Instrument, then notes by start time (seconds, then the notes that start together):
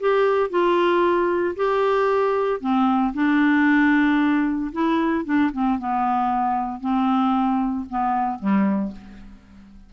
clarinet
0.00 G4
0.50 F4
1.56 G4
2.61 C4
3.14 D4
4.72 E4
5.25 D4
5.52 C4
5.79 B3
6.80 C4
7.90 B3
8.39 G3